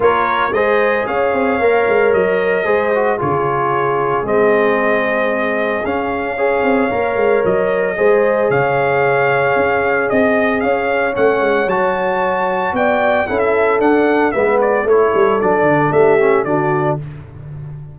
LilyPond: <<
  \new Staff \with { instrumentName = "trumpet" } { \time 4/4 \tempo 4 = 113 cis''4 dis''4 f''2 | dis''2 cis''2 | dis''2. f''4~ | f''2 dis''2 |
f''2. dis''4 | f''4 fis''4 a''2 | g''4 fis''16 e''8. fis''4 e''8 d''8 | cis''4 d''4 e''4 d''4 | }
  \new Staff \with { instrumentName = "horn" } { \time 4/4 ais'4 c''4 cis''2~ | cis''4 c''4 gis'2~ | gis'1 | cis''2. c''4 |
cis''2. dis''4 | cis''1 | d''4 a'2 b'4 | a'2 g'4 fis'4 | }
  \new Staff \with { instrumentName = "trombone" } { \time 4/4 f'4 gis'2 ais'4~ | ais'4 gis'8 fis'8 f'2 | c'2. cis'4 | gis'4 ais'2 gis'4~ |
gis'1~ | gis'4 cis'4 fis'2~ | fis'4 e'4 d'4 b4 | e'4 d'4. cis'8 d'4 | }
  \new Staff \with { instrumentName = "tuba" } { \time 4/4 ais4 gis4 cis'8 c'8 ais8 gis8 | fis4 gis4 cis2 | gis2. cis'4~ | cis'8 c'8 ais8 gis8 fis4 gis4 |
cis2 cis'4 c'4 | cis'4 a8 gis8 fis2 | b4 cis'4 d'4 gis4 | a8 g8 fis8 d8 a4 d4 | }
>>